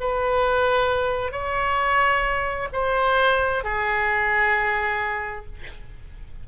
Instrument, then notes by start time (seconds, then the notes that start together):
oboe
0.00 B4
1.31 C#5
2.72 C5
3.64 G#4